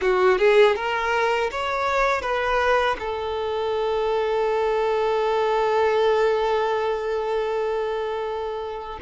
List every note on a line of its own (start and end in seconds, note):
0.01 0.38 F#4
0.38 0.75 G#4
0.75 1.50 A#4
1.51 2.21 C#5
2.21 2.96 B4
2.99 8.99 A4